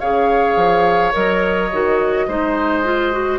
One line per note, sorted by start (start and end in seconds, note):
0.00 0.56 C#3
0.00 1.13 G#4
0.00 2.27 C#5
0.00 1.13 F5
0.56 1.13 F3
1.13 1.73 F#3
1.13 1.69 A#4
1.13 3.39 D#5
1.73 2.28 D#3
1.73 2.29 F#4
2.28 3.39 G#3
2.28 2.84 D#4
2.28 3.39 C5
2.84 3.12 F4
3.12 3.39 F#4